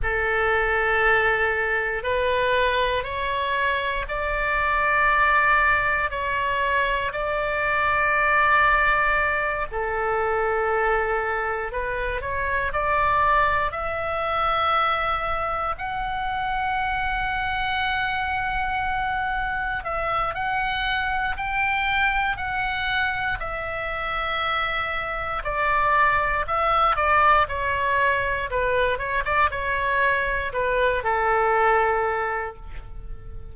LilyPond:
\new Staff \with { instrumentName = "oboe" } { \time 4/4 \tempo 4 = 59 a'2 b'4 cis''4 | d''2 cis''4 d''4~ | d''4. a'2 b'8 | cis''8 d''4 e''2 fis''8~ |
fis''2.~ fis''8 e''8 | fis''4 g''4 fis''4 e''4~ | e''4 d''4 e''8 d''8 cis''4 | b'8 cis''16 d''16 cis''4 b'8 a'4. | }